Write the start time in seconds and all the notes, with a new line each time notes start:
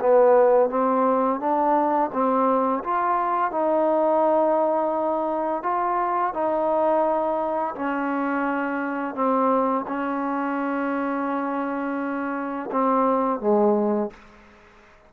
0.00 B3
0.70 C4
1.40 D4
2.13 C4
2.84 F4
3.51 D#4
5.63 F4
6.33 D#4
7.75 C#4
9.15 C4
9.88 C#4
12.72 C4
13.40 G#3